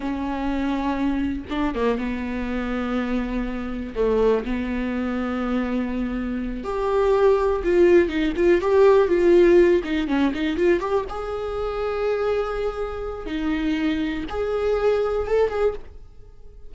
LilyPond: \new Staff \with { instrumentName = "viola" } { \time 4/4 \tempo 4 = 122 cis'2. d'8 ais8 | b1 | a4 b2.~ | b4. g'2 f'8~ |
f'8 dis'8 f'8 g'4 f'4. | dis'8 cis'8 dis'8 f'8 g'8 gis'4.~ | gis'2. dis'4~ | dis'4 gis'2 a'8 gis'8 | }